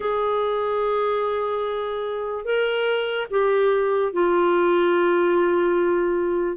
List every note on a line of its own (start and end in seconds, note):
0.00 2.44 G#4
2.44 3.27 A#4
3.30 4.12 G4
4.12 6.56 F4